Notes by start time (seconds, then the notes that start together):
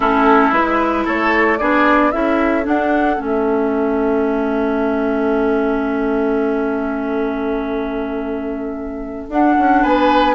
0.00 A3 C#4 E4 A4
0.51 G#3 E4 B4
1.04 A3 A4 C#5
1.58 B3 D4 G#4 D5
2.11 C#4 E4 A4 E5
2.63 D4 F#5
3.16 A3 C#4 E5
9.28 D4 F#5
9.59 C#4
9.82 B3 B4 G#5